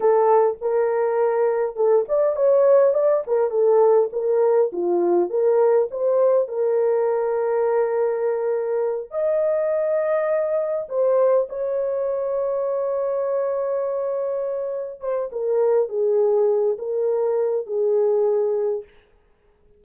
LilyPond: \new Staff \with { instrumentName = "horn" } { \time 4/4 \tempo 4 = 102 a'4 ais'2 a'8 d''8 | cis''4 d''8 ais'8 a'4 ais'4 | f'4 ais'4 c''4 ais'4~ | ais'2.~ ais'8 dis''8~ |
dis''2~ dis''8 c''4 cis''8~ | cis''1~ | cis''4. c''8 ais'4 gis'4~ | gis'8 ais'4. gis'2 | }